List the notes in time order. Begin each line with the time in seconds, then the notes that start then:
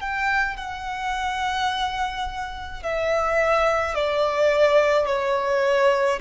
0.00 G5
0.57 F#5
2.83 E5
3.95 D5
5.06 C#5